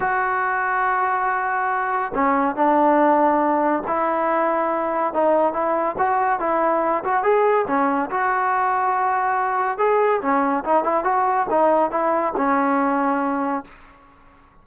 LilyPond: \new Staff \with { instrumentName = "trombone" } { \time 4/4 \tempo 4 = 141 fis'1~ | fis'4 cis'4 d'2~ | d'4 e'2. | dis'4 e'4 fis'4 e'4~ |
e'8 fis'8 gis'4 cis'4 fis'4~ | fis'2. gis'4 | cis'4 dis'8 e'8 fis'4 dis'4 | e'4 cis'2. | }